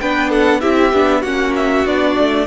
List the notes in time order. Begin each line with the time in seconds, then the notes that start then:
0.00 B3 D4 B4 G5
0.30 A4 F#5
0.61 C4 E4 G4 E5
0.93 B3 D4
1.22 A#3 C#4 F#4 F#5
1.56 E5
1.86 B3 D4 D5
2.19 A3